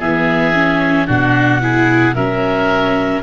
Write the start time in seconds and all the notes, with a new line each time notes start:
0.00 E3 B3 G#4 E5
0.54 C#4
1.07 B2 D4 F#4 F#5
1.62 E4 G#4
2.15 F#3 C#4 A#4 E5